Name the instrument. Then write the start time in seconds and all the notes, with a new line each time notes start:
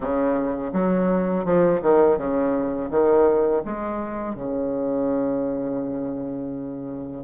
bassoon
0.00 C#3
0.73 F#3
1.45 F3
1.81 D#3
2.17 C#3
2.90 D#3
3.64 G#3
4.35 C#3